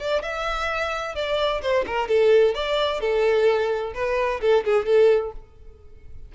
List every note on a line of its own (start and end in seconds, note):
0.00 0.23 D5
0.23 1.15 E5
1.15 1.62 D5
1.62 1.85 C5
1.87 2.09 A#4
2.09 2.55 A4
2.55 3.01 D5
3.01 3.94 A4
3.95 4.41 B4
4.41 4.65 A4
4.65 4.86 G#4
4.86 5.33 A4